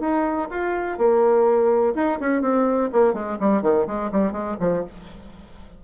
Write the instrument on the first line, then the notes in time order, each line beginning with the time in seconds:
bassoon
0.00 D#4
0.50 F4
0.98 A#3
1.95 D#4
2.20 C#4
2.41 C4
2.92 A#3
3.14 G#3
3.40 G3
3.62 D#3
3.86 G#3
4.11 G3
4.32 G#3
4.60 F3